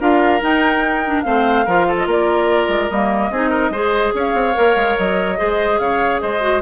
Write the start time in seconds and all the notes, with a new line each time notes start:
0.00 D4 F4 A#4 F5
0.41 D#4 G5
1.06 D4
1.22 A3 C4 C5 F5
1.66 F3 F4 A#4
1.88 A4
1.98 D#5
2.07 A#3 A#4 D5
2.68 G#3
2.90 G3 A#3 D#5
3.30 C4 D#4 G#4
3.50 A#4
3.70 G#3 G#4 C5
4.15 C#4 C#5 F5
4.34 C4
4.54 A#3 A#4
4.76 G#3
4.98 F#3 D#5
5.37 G#3 G#4 C5
5.79 C#3 C#5 F5
6.21 G#3 C5 D#5
6.41 F#4